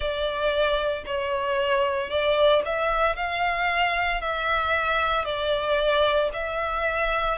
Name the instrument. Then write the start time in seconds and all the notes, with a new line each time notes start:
violin
0.00 D5
1.05 C#5
2.10 D5
2.65 E5
3.16 F5
4.21 E5
5.24 D5
6.33 E5